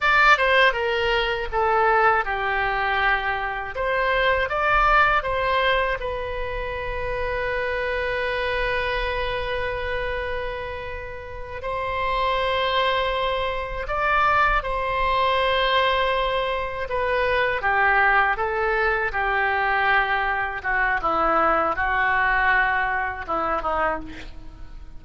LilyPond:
\new Staff \with { instrumentName = "oboe" } { \time 4/4 \tempo 4 = 80 d''8 c''8 ais'4 a'4 g'4~ | g'4 c''4 d''4 c''4 | b'1~ | b'2.~ b'8 c''8~ |
c''2~ c''8 d''4 c''8~ | c''2~ c''8 b'4 g'8~ | g'8 a'4 g'2 fis'8 | e'4 fis'2 e'8 dis'8 | }